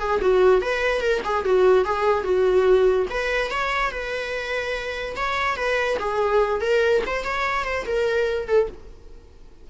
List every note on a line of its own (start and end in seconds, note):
0.00 0.21 G#4
0.21 0.62 F#4
0.62 1.01 B4
1.01 1.22 A#4
1.25 1.45 G#4
1.45 1.85 F#4
1.85 2.24 G#4
2.24 3.07 F#4
3.10 3.51 B4
3.51 3.92 C#5
3.92 5.16 B4
5.16 5.57 C#5
5.57 5.98 B4
6.00 6.61 G#4
6.61 7.03 A#4
7.07 7.25 C5
7.25 7.65 C#5
7.65 7.86 C5
7.86 8.48 A#4
8.48 8.69 A4